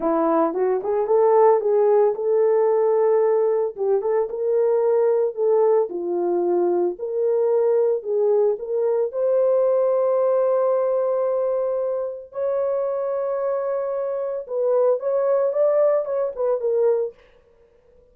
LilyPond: \new Staff \with { instrumentName = "horn" } { \time 4/4 \tempo 4 = 112 e'4 fis'8 gis'8 a'4 gis'4 | a'2. g'8 a'8 | ais'2 a'4 f'4~ | f'4 ais'2 gis'4 |
ais'4 c''2.~ | c''2. cis''4~ | cis''2. b'4 | cis''4 d''4 cis''8 b'8 ais'4 | }